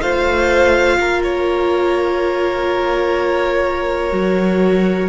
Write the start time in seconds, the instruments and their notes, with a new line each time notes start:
0.00 cello A3, viola F4, violin C5 F5
0.99 cello A#3, violin A#4
1.23 violin C#5
4.11 cello F#3, viola F#4